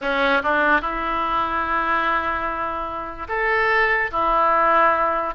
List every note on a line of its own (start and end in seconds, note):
0.01 0.42 C#4
0.43 0.81 D4
0.81 3.27 E4
3.28 4.10 A4
4.11 5.34 E4